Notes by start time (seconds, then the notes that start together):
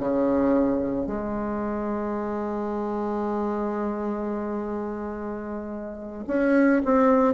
0.00 C#3
1.07 G#3
6.27 C#4
6.85 C4